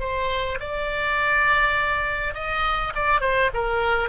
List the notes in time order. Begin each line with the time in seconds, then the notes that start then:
0.00 C5
0.60 D5
2.34 D#5
2.95 D5
3.21 C5
3.54 A#4